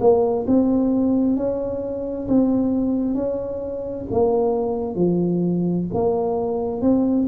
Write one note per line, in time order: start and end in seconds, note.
0.00 0.45 A#3
0.47 1.36 C4
1.36 2.27 C#4
2.27 3.14 C4
3.14 4.05 C#4
4.11 4.95 A#3
4.95 5.86 F3
5.94 6.81 A#3
6.81 7.26 C4